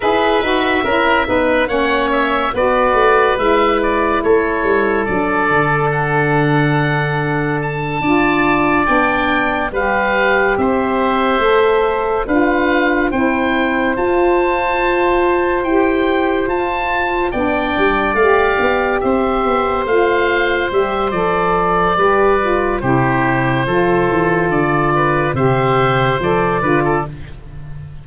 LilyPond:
<<
  \new Staff \with { instrumentName = "oboe" } { \time 4/4 \tempo 4 = 71 e''2 fis''8 e''8 d''4 | e''8 d''8 cis''4 d''4 fis''4~ | fis''4 a''4. g''4 f''8~ | f''8 e''2 f''4 g''8~ |
g''8 a''2 g''4 a''8~ | a''8 g''4 f''4 e''4 f''8~ | f''8 e''8 d''2 c''4~ | c''4 d''4 e''4 d''4 | }
  \new Staff \with { instrumentName = "oboe" } { \time 4/4 b'4 ais'8 b'8 cis''4 b'4~ | b'4 a'2.~ | a'4. d''2 b'8~ | b'8 c''2 b'4 c''8~ |
c''1~ | c''8 d''2 c''4.~ | c''2 b'4 g'4 | a'4. b'8 c''4. b'16 a'16 | }
  \new Staff \with { instrumentName = "saxophone" } { \time 4/4 gis'8 fis'8 e'8 dis'8 cis'4 fis'4 | e'2 d'2~ | d'4. f'4 d'4 g'8~ | g'4. a'4 f'4 e'8~ |
e'8 f'2 g'4 f'8~ | f'8 d'4 g'2 f'8~ | f'8 g'8 a'4 g'8 f'8 e'4 | f'2 g'4 a'8 f'8 | }
  \new Staff \with { instrumentName = "tuba" } { \time 4/4 e'8 dis'8 cis'8 b8 ais4 b8 a8 | gis4 a8 g8 fis8 d4.~ | d4. d'4 b4 g8~ | g8 c'4 a4 d'4 c'8~ |
c'8 f'2 e'4 f'8~ | f'8 b8 g8 a8 b8 c'8 b8 a8~ | a8 g8 f4 g4 c4 | f8 e8 d4 c4 f8 d8 | }
>>